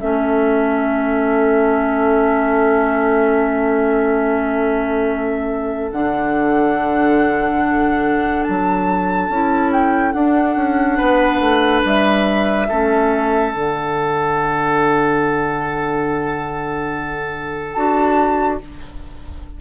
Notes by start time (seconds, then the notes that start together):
0.00 A3 C#4 A4 E5
5.92 D3 D4 F#5
8.44 F#3 A5
9.29 C#4 E4
9.73 G5
10.12 D4 F#5
10.56 C#4
10.98 B3 B4
11.40 A3
11.84 G3 E5
12.69 A3 C#4 A4
13.53 D3 D4 F#5
17.74 D4 F#4 A5